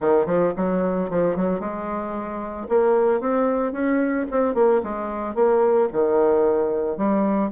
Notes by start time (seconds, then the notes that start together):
0.00 D#3
0.26 F3
0.56 F#3
1.10 F3
1.35 F#3
1.59 G#3
2.68 A#3
3.20 C4
3.72 C#4
4.31 C4
4.54 A#3
4.83 G#3
5.34 A#3
5.92 D#3
6.97 G3